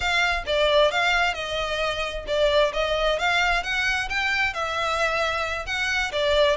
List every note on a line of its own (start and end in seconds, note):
0.00 0.43 F5
0.46 0.91 D5
0.91 1.34 F5
1.34 2.25 D#5
2.27 2.72 D5
2.73 3.18 D#5
3.18 3.63 F5
3.63 4.08 F#5
4.09 4.53 G5
4.53 5.66 E5
5.66 6.11 F#5
6.12 6.56 D5